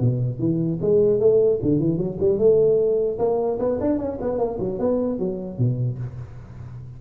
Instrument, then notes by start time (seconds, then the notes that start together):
tuba
0.00 B2
0.39 E3
0.82 G#3
1.20 A3
1.63 D3
1.80 E3
1.98 F#3
2.20 G3
2.39 A3
3.19 A#3
3.59 B3
3.81 D4
3.99 C#4
4.21 B3
4.39 A#3
4.60 F#3
4.80 B3
5.19 F#3
5.59 B2